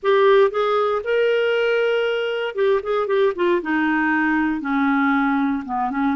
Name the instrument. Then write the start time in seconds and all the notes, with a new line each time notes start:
clarinet
0.03 G4
0.50 G#4
1.04 A#4
2.55 G4
2.82 G#4
3.07 G4
3.35 F4
3.62 D#4
4.61 C#4
5.65 B3
5.90 C#4